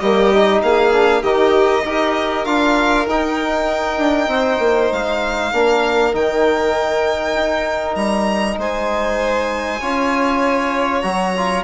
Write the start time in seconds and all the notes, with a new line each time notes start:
0.00 G3 A#3 G4 D#5
0.34 D#4
0.62 A#3 G#4 F5
0.92 D4
1.22 D#3 D#4 G4 D#5
1.85 D#4 G4 A#4
2.45 D4 F4 F5
3.07 D#4 G5
3.97 D4
4.27 C4 C5
4.59 A#3
4.92 G#3 F5
5.52 A#3 D4 A#4
6.13 D#3 D#4 G5
7.35 D#4
7.95 G3 A#5
8.58 G#3 C5 G#5
9.80 C#4 F4 C#5
11.01 F#3 F#4 A#5
11.37 F4